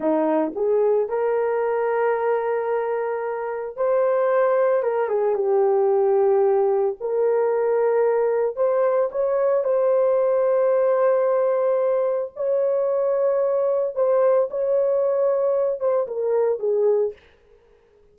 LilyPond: \new Staff \with { instrumentName = "horn" } { \time 4/4 \tempo 4 = 112 dis'4 gis'4 ais'2~ | ais'2. c''4~ | c''4 ais'8 gis'8 g'2~ | g'4 ais'2. |
c''4 cis''4 c''2~ | c''2. cis''4~ | cis''2 c''4 cis''4~ | cis''4. c''8 ais'4 gis'4 | }